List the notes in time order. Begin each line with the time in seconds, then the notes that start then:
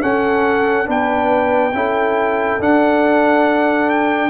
0.00 C#4 A4 F#5
0.85 B3 D4 B4 G5
1.73 C#4 E4 A4
2.59 D4 F#5
3.89 G5